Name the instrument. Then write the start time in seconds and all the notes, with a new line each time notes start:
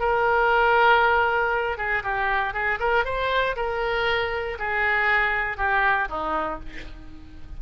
oboe
0.00 A#4
1.78 G#4
2.04 G4
2.54 G#4
2.80 A#4
3.05 C5
3.57 A#4
4.59 G#4
5.58 G4
6.09 D#4